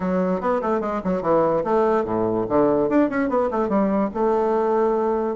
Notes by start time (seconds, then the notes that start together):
0.00 F#3
0.40 B3
0.61 A3
0.80 G#3
1.03 F#3
1.22 E3
1.64 A3
2.04 A2
2.49 D3
2.89 D4
3.09 C#4
3.29 B3
3.50 A3
3.68 G3
4.13 A3